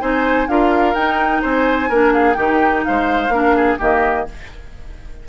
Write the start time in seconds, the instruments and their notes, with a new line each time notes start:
0.00 bassoon C4, clarinet D#4, oboe C5, flute G#5
0.47 bassoon D4, clarinet F4, oboe A#4, flute F5
0.94 bassoon D#4, clarinet D#4, flute G5
1.41 bassoon C4, oboe C5, flute G#5
1.89 bassoon A#3, clarinet D4, oboe A#4
2.13 oboe G#4, flute F5
2.33 bassoon D#3, clarinet D#4, oboe G4, flute G5
2.84 bassoon G#3, oboe C5, flute F5
3.29 bassoon A#3, clarinet D4, oboe A#4
3.56 oboe G#4
3.78 bassoon D#3, clarinet A#3, oboe G4, flute D#5